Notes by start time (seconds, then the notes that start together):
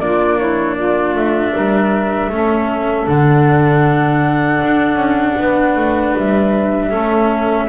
0.00 A#3 D4 F4 D5
0.38 E4 C#5
0.75 F4 D5
1.15 A3 E5
1.55 G3 A#4
2.30 A3 C#4 A4
3.07 D3 D4 F#5
4.63 D4
4.96 C#4
5.39 B3 B4
5.76 A3
6.18 G3 E5
6.89 A3 C#4 A4